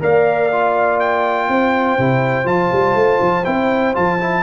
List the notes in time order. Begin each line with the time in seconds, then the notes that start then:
0.00 A#3 A#4 D5 F5
0.52 F4
0.99 G5
1.48 C4 C5
1.98 C3 E4
2.45 F3 F4 A5
2.72 G3
2.94 A3
3.21 F3
3.44 C4 E4 G5
3.94 F3 F4 A5
4.19 E4